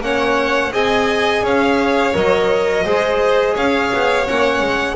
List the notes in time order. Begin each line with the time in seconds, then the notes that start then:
0.00 A#3 C#4 C#5 F#5
0.72 C4 G#4 D#5 G#5
1.42 C#4 C#5 F5
2.13 F#3 A#4 D#5
2.84 G#3 G#4 C5
3.54 C#4 C#5 F5
3.93 B3
4.25 A#3 C#4 F#5
4.60 G#3